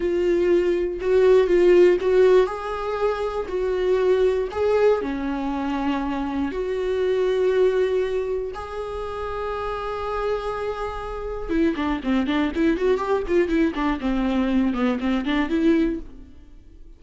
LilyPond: \new Staff \with { instrumentName = "viola" } { \time 4/4 \tempo 4 = 120 f'2 fis'4 f'4 | fis'4 gis'2 fis'4~ | fis'4 gis'4 cis'2~ | cis'4 fis'2.~ |
fis'4 gis'2.~ | gis'2. e'8 d'8 | c'8 d'8 e'8 fis'8 g'8 f'8 e'8 d'8 | c'4. b8 c'8 d'8 e'4 | }